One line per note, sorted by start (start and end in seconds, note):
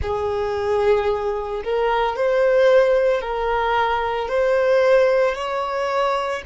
0.01 1.62 G#4
1.64 2.16 A#4
2.16 3.21 C5
3.21 4.28 A#4
4.28 5.35 C5
5.35 6.42 C#5